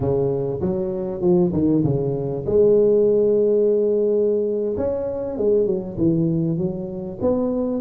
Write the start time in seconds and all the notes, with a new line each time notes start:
0.00 C#3
0.60 F#3
1.21 F3
1.53 D#3
1.84 C#3
2.46 G#3
4.77 C#4
5.37 G#3
5.65 F#3
5.97 E3
6.57 F#3
7.21 B3